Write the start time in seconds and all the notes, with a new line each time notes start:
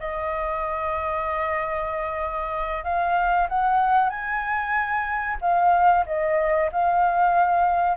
0.00 D#5
2.84 F5
3.49 F#5
4.10 G#5
5.41 F5
6.06 D#5
6.73 F5